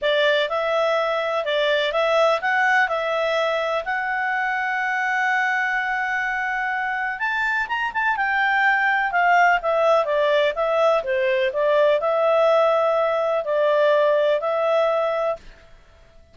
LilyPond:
\new Staff \with { instrumentName = "clarinet" } { \time 4/4 \tempo 4 = 125 d''4 e''2 d''4 | e''4 fis''4 e''2 | fis''1~ | fis''2. a''4 |
ais''8 a''8 g''2 f''4 | e''4 d''4 e''4 c''4 | d''4 e''2. | d''2 e''2 | }